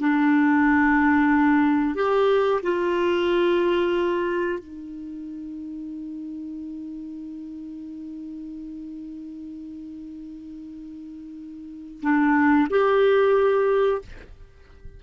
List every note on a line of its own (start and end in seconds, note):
0.00 1.95 D4
1.95 2.61 G4
2.63 4.59 F4
4.59 12.01 D#4
12.02 12.68 D4
12.70 14.02 G4